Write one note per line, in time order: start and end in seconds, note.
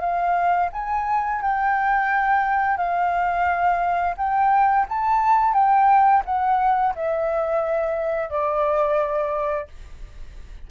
0.00 0.69 F5
0.72 1.41 G#5
1.41 2.77 G5
2.77 4.15 F5
4.17 4.86 G5
4.88 5.53 A5
5.53 6.22 G5
6.25 6.94 F#5
6.95 8.29 E5
8.29 9.67 D5